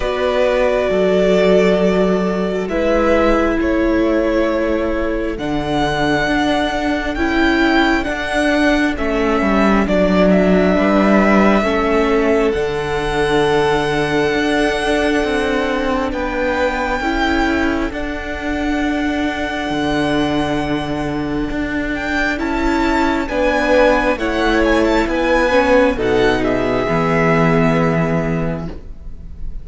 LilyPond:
<<
  \new Staff \with { instrumentName = "violin" } { \time 4/4 \tempo 4 = 67 d''2. e''4 | cis''2 fis''2 | g''4 fis''4 e''4 d''8 e''8~ | e''2 fis''2~ |
fis''2 g''2 | fis''1~ | fis''8 g''8 a''4 gis''4 fis''8 gis''16 a''16 | gis''4 fis''8 e''2~ e''8 | }
  \new Staff \with { instrumentName = "violin" } { \time 4/4 b'4 a'2 b'4 | a'1~ | a'1 | b'4 a'2.~ |
a'2 b'4 a'4~ | a'1~ | a'2 b'4 cis''4 | b'4 a'8 gis'2~ gis'8 | }
  \new Staff \with { instrumentName = "viola" } { \time 4/4 fis'2. e'4~ | e'2 d'2 | e'4 d'4 cis'4 d'4~ | d'4 cis'4 d'2~ |
d'2. e'4 | d'1~ | d'4 e'4 d'4 e'4~ | e'8 cis'8 dis'4 b2 | }
  \new Staff \with { instrumentName = "cello" } { \time 4/4 b4 fis2 gis4 | a2 d4 d'4 | cis'4 d'4 a8 g8 fis4 | g4 a4 d2 |
d'4 c'4 b4 cis'4 | d'2 d2 | d'4 cis'4 b4 a4 | b4 b,4 e2 | }
>>